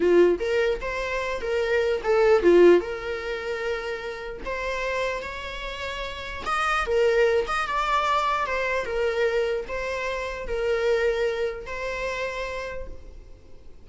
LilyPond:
\new Staff \with { instrumentName = "viola" } { \time 4/4 \tempo 4 = 149 f'4 ais'4 c''4. ais'8~ | ais'4 a'4 f'4 ais'4~ | ais'2. c''4~ | c''4 cis''2. |
dis''4 ais'4. dis''8 d''4~ | d''4 c''4 ais'2 | c''2 ais'2~ | ais'4 c''2. | }